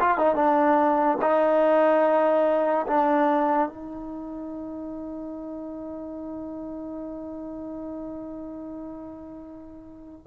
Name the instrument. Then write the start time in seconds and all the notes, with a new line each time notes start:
trombone
0.00 F4
0.18 D#4
0.35 D4
1.22 D#4
2.87 D4
3.69 D#4